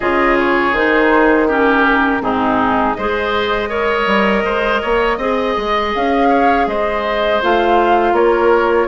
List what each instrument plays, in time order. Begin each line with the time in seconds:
0.00 bassoon C#3, clarinet F4, oboe G#4, flute D#5
0.38 flute C#5
0.72 bassoon D#3, clarinet D#4, flute C5
1.47 clarinet C#4, oboe G4, flute A#4
2.20 bassoon G#2, clarinet C4, oboe D#4, flute G#4
2.94 bassoon G#3, clarinet G#4, oboe C5, flute D#5
3.69 clarinet A#4, oboe C#5
4.06 bassoon G3
4.44 bassoon G#3, oboe C5
4.81 bassoon A#3, oboe C#5
5.17 bassoon C4, clarinet G#4, oboe D#5
5.57 bassoon G#3
5.95 bassoon C#4, flute F5
6.29 oboe C#5
6.66 bassoon G#3, oboe C5, flute D#5
7.42 bassoon A3, clarinet F4, flute F5
8.12 bassoon A#3, oboe A#4, flute C#5